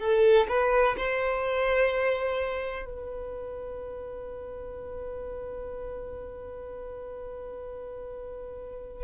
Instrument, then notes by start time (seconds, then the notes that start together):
violin
0.00 A4
0.49 B4
0.97 C5
2.86 B4